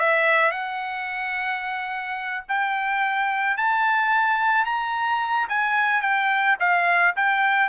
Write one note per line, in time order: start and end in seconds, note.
0.00 0.52 E5
0.52 2.44 F#5
2.48 3.57 G5
3.57 4.66 A5
4.66 5.48 A#5
5.49 6.02 G#5
6.02 6.57 G5
6.60 7.15 F5
7.16 7.69 G5